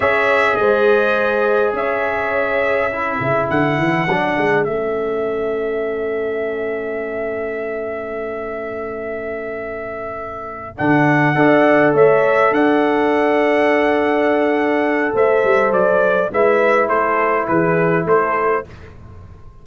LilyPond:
<<
  \new Staff \with { instrumentName = "trumpet" } { \time 4/4 \tempo 4 = 103 e''4 dis''2 e''4~ | e''2 fis''2 | e''1~ | e''1~ |
e''2~ e''8 fis''4.~ | fis''8 e''4 fis''2~ fis''8~ | fis''2 e''4 d''4 | e''4 c''4 b'4 c''4 | }
  \new Staff \with { instrumentName = "horn" } { \time 4/4 cis''4 c''2 cis''4~ | cis''4 a'2.~ | a'1~ | a'1~ |
a'2.~ a'8 d''8~ | d''8 cis''4 d''2~ d''8~ | d''2 c''2 | b'4 a'4 gis'4 a'4 | }
  \new Staff \with { instrumentName = "trombone" } { \time 4/4 gis'1~ | gis'4 e'2 d'4 | cis'1~ | cis'1~ |
cis'2~ cis'8 d'4 a'8~ | a'1~ | a'1 | e'1 | }
  \new Staff \with { instrumentName = "tuba" } { \time 4/4 cis'4 gis2 cis'4~ | cis'4. cis8 d8 e8 fis8 gis8 | a1~ | a1~ |
a2~ a8 d4 d'8~ | d'8 a4 d'2~ d'8~ | d'2 a8 g8 fis4 | gis4 a4 e4 a4 | }
>>